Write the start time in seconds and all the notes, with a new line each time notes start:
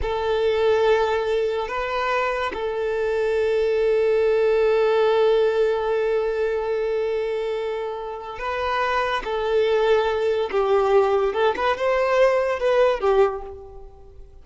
0.02 A4
1.68 B4
2.53 A4
8.38 B4
9.24 A4
10.51 G4
11.33 A4
11.56 B4
11.77 C5
12.59 B4
13.00 G4